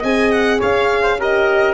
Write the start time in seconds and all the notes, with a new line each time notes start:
0.00 C4 G#4 D#5 G#5
0.31 F#5
0.59 C#4 C#5 F5
1.03 C5
1.19 G4 A#4 D#5